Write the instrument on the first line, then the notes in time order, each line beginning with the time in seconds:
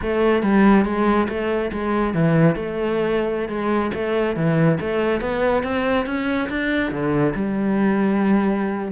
cello
0.02 A3
0.42 G3
0.85 G#3
1.28 A3
1.72 G#3
2.14 E3
2.55 A3
3.48 G#3
3.94 A3
4.36 E3
4.80 A3
5.20 B3
5.63 C4
6.06 C#4
6.49 D4
6.91 D3
7.35 G3